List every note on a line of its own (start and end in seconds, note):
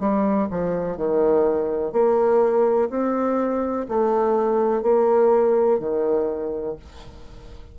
0.00 0.48 G3
0.51 0.97 F3
0.97 1.93 D#3
1.93 2.89 A#3
2.90 3.87 C4
3.88 4.83 A3
4.83 5.79 A#3
5.80 6.77 D#3